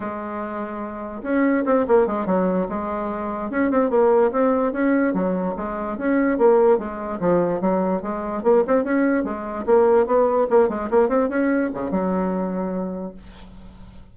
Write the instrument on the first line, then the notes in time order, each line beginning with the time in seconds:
bassoon
0.00 G#3
1.22 C#4
1.65 C4
1.87 A#3
2.06 G#3
2.26 F#3
2.68 G#3
3.50 C#4
3.70 C4
3.89 A#3
4.31 C4
4.72 C#4
5.13 F#3
5.56 G#3
5.97 C#4
6.38 A#3
6.78 G#3
7.20 F3
7.60 F#3
8.02 G#3
8.43 A#3
8.67 C4
8.84 C#4
9.24 G#3
9.65 A#3
10.06 B3
10.50 A#3
10.68 G#3
10.90 A#3
11.08 C4
11.29 C#4
11.73 C#3
11.90 F#3